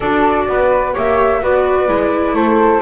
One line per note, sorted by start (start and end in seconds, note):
0.00 0.48 D4
0.00 0.94 F#4
0.00 0.45 A4
0.00 0.93 D5
0.48 0.95 B3
0.48 0.93 B4
0.93 1.42 A#3
0.93 1.41 G4
0.93 1.41 C#5
0.93 1.43 E5
1.42 1.87 B3
1.42 1.87 F#4
1.42 2.35 B4
1.42 2.35 D5
1.87 2.33 G#3
1.87 2.81 E4
2.33 2.80 A3
2.33 2.81 A4
2.33 2.81 C5